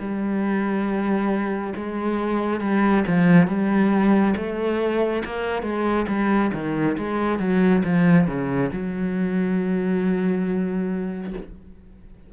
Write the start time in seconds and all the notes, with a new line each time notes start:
0.00 G3
1.76 G#3
2.61 G3
3.08 F3
3.47 G3
4.36 A3
5.25 A#3
5.62 G#3
6.08 G3
6.54 D#3
6.98 G#3
7.40 F#3
7.84 F3
8.27 C#3
8.73 F#3